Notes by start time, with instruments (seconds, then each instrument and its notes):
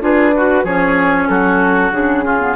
0.00 bassoon D4, clarinet F4, oboe G#4, flute B4
0.36 oboe F#4, clarinet F#4
0.64 bassoon F3, clarinet C#4, oboe G#4, flute C#5
1.28 bassoon F#3, oboe F#4, flute A4
1.91 bassoon C#3, clarinet D4, flute G#4
2.24 clarinet C#4, oboe F4
2.40 clarinet B3